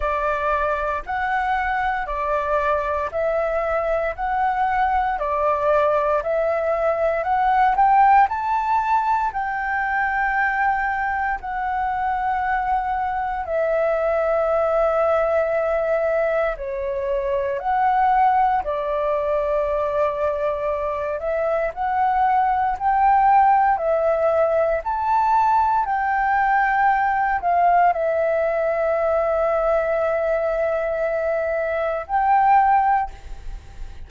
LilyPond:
\new Staff \with { instrumentName = "flute" } { \time 4/4 \tempo 4 = 58 d''4 fis''4 d''4 e''4 | fis''4 d''4 e''4 fis''8 g''8 | a''4 g''2 fis''4~ | fis''4 e''2. |
cis''4 fis''4 d''2~ | d''8 e''8 fis''4 g''4 e''4 | a''4 g''4. f''8 e''4~ | e''2. g''4 | }